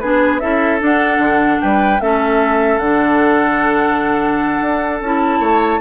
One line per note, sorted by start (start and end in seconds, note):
0.00 0.42 B3
0.00 0.41 D4
0.00 0.42 G#4
0.00 0.39 B4
0.39 0.81 C#4
0.39 0.80 E4
0.39 1.62 A4
0.39 0.79 E5
0.80 2.00 D4
0.80 1.18 D4
0.80 1.61 F#5
1.18 1.58 D3
1.61 2.00 G3
1.61 2.02 B4
1.61 2.01 G5
2.00 2.78 A3
2.00 2.81 C#4
2.00 5.40 A4
2.00 2.78 E5
2.78 4.58 D3
2.78 5.03 D4
2.78 4.98 F#5
4.62 5.01 D4
5.01 5.40 C#4
5.01 5.81 E4
5.01 5.81 A5
5.40 5.80 A3
5.40 5.80 C#5